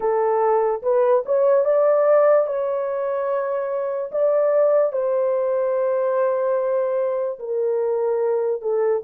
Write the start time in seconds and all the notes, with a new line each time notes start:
0.00 A4
0.82 B4
1.26 C#5
1.64 D5
2.47 C#5
4.11 D5
4.92 C5
7.39 A#4
8.61 A4